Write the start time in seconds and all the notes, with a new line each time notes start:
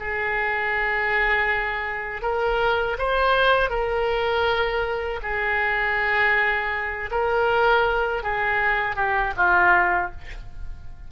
0.00 G#4
2.22 A#4
2.99 C5
3.70 A#4
5.23 G#4
7.11 A#4
8.23 G#4
8.96 G4
9.37 F4